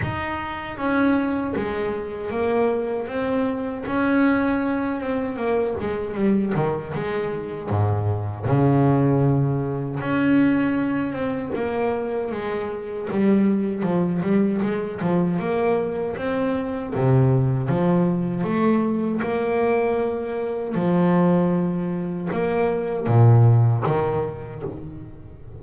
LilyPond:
\new Staff \with { instrumentName = "double bass" } { \time 4/4 \tempo 4 = 78 dis'4 cis'4 gis4 ais4 | c'4 cis'4. c'8 ais8 gis8 | g8 dis8 gis4 gis,4 cis4~ | cis4 cis'4. c'8 ais4 |
gis4 g4 f8 g8 gis8 f8 | ais4 c'4 c4 f4 | a4 ais2 f4~ | f4 ais4 ais,4 dis4 | }